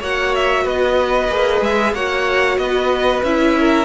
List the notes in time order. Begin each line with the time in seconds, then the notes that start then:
0.00 A#3 F#4 C#5 F#5
0.35 E5
0.64 B3 B4 D#5
1.29 A#3 G#4
1.61 G#3 E5
1.93 A#3 F#4 C#5 F#5
2.58 B3 B4 D#5
3.23 C#4 E4 E5
3.59 A#4